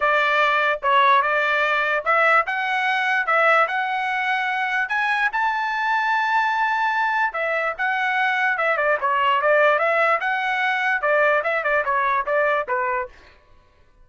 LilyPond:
\new Staff \with { instrumentName = "trumpet" } { \time 4/4 \tempo 4 = 147 d''2 cis''4 d''4~ | d''4 e''4 fis''2 | e''4 fis''2. | gis''4 a''2.~ |
a''2 e''4 fis''4~ | fis''4 e''8 d''8 cis''4 d''4 | e''4 fis''2 d''4 | e''8 d''8 cis''4 d''4 b'4 | }